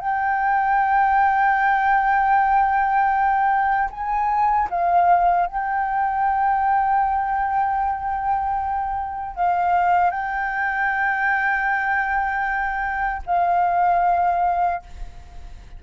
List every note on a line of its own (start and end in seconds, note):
0.00 3.90 G5
3.91 4.69 G#5
4.70 5.47 F5
5.47 9.36 G5
9.36 10.11 F5
10.11 13.23 G5
13.27 14.83 F5